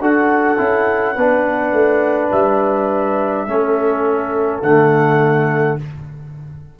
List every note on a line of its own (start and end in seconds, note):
0.00 0.58 D4
0.00 0.57 F#4
0.00 1.15 A4
0.00 2.31 F#5
0.57 1.17 C#4
0.57 1.15 E4
1.15 1.72 B3
1.15 3.48 D4
1.15 3.46 B4
1.72 2.30 A3
2.31 3.47 G3
2.31 4.62 E5
3.47 4.62 A3
3.47 4.63 C#4
3.47 5.79 A4
4.62 5.78 D3
4.62 5.79 A3
4.62 5.78 F#5